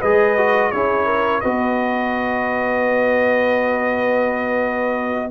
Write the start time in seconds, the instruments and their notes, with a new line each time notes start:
0.00 tuba G#3, trombone G#4, horn B4, trumpet D#5
0.37 trombone F#4
0.71 tuba C#4, trombone E4, horn G#4, trumpet C#5
1.06 horn A#4
1.41 tuba B3, trombone F#4, horn B4, trumpet D#5